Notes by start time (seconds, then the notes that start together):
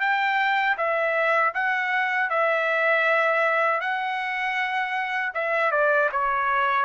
0.00 G5
0.77 E5
1.54 F#5
2.30 E5
3.80 F#5
5.34 E5
5.71 D5
6.12 C#5